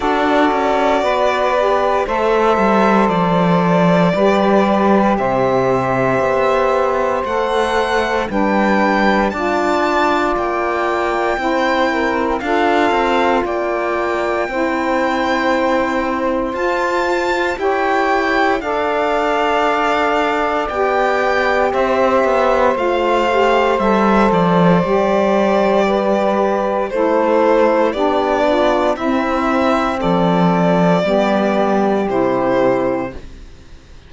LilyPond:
<<
  \new Staff \with { instrumentName = "violin" } { \time 4/4 \tempo 4 = 58 d''2 e''4 d''4~ | d''4 e''2 fis''4 | g''4 a''4 g''2 | f''4 g''2. |
a''4 g''4 f''2 | g''4 e''4 f''4 e''8 d''8~ | d''2 c''4 d''4 | e''4 d''2 c''4 | }
  \new Staff \with { instrumentName = "saxophone" } { \time 4/4 a'4 b'4 c''2 | b'4 c''2. | b'4 d''2 c''8 ais'8 | a'4 d''4 c''2~ |
c''4 cis''4 d''2~ | d''4 c''2.~ | c''4 b'4 a'4 g'8 f'8 | e'4 a'4 g'2 | }
  \new Staff \with { instrumentName = "saxophone" } { \time 4/4 fis'4. g'8 a'2 | g'2. a'4 | d'4 f'2 e'4 | f'2 e'2 |
f'4 g'4 a'2 | g'2 f'8 g'8 a'4 | g'2 e'4 d'4 | c'2 b4 e'4 | }
  \new Staff \with { instrumentName = "cello" } { \time 4/4 d'8 cis'8 b4 a8 g8 f4 | g4 c4 b4 a4 | g4 d'4 ais4 c'4 | d'8 c'8 ais4 c'2 |
f'4 e'4 d'2 | b4 c'8 b8 a4 g8 f8 | g2 a4 b4 | c'4 f4 g4 c4 | }
>>